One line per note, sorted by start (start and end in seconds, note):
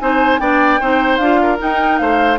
0.00 0.40 C4
0.00 0.40 D#4
0.00 0.41 C5
0.00 0.40 G#5
0.40 0.80 B3
0.40 0.80 D4
0.40 0.81 D5
0.40 1.17 G5
0.81 1.19 C4
0.81 1.21 D#4
0.81 1.41 C5
1.17 1.59 D4
1.17 1.59 F4
1.17 1.57 F5
1.43 2.01 A#4
1.59 2.39 D#4
1.59 2.01 D#4
1.59 1.98 G5
1.98 2.39 A3
1.98 2.39 C5
1.98 2.38 F5